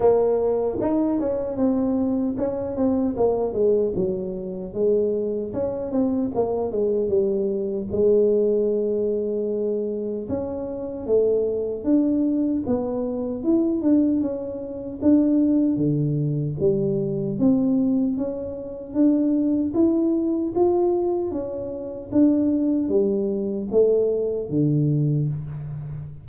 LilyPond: \new Staff \with { instrumentName = "tuba" } { \time 4/4 \tempo 4 = 76 ais4 dis'8 cis'8 c'4 cis'8 c'8 | ais8 gis8 fis4 gis4 cis'8 c'8 | ais8 gis8 g4 gis2~ | gis4 cis'4 a4 d'4 |
b4 e'8 d'8 cis'4 d'4 | d4 g4 c'4 cis'4 | d'4 e'4 f'4 cis'4 | d'4 g4 a4 d4 | }